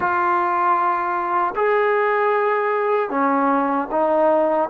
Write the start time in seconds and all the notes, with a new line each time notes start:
0.00 F4
1.55 G#4
3.10 C#4
3.91 D#4